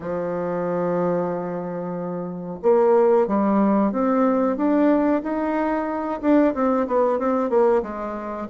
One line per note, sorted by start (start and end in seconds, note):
0.00 2.59 F3
2.62 3.27 A#3
3.27 3.92 G3
3.92 4.56 C4
4.56 5.21 D4
5.22 6.20 D#4
6.21 6.54 D4
6.54 6.87 C4
6.87 7.19 B3
7.19 7.49 C4
7.49 7.82 A#3
7.82 8.47 G#3